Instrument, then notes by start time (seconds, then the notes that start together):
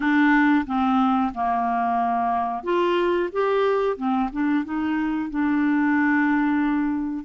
clarinet
0.00 D4
0.66 C4
1.34 A#3
2.63 F4
3.32 G4
3.97 C4
4.32 D4
4.64 D#4
5.30 D4